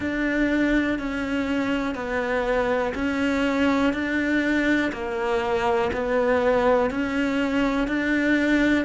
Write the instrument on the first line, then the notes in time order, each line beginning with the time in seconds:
cello
0.00 D4
0.98 C#4
1.94 B3
2.94 C#4
3.93 D4
4.92 A#3
5.92 B3
6.90 C#4
7.87 D4